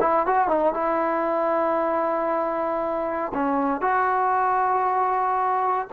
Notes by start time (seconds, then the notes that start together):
0.00 E4
0.26 F#4
0.48 D#4
0.74 E4
3.34 C#4
3.81 F#4